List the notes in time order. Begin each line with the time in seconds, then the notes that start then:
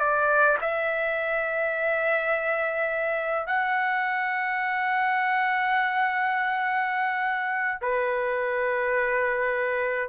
0.00 D5
0.62 E5
3.47 F#5
7.82 B4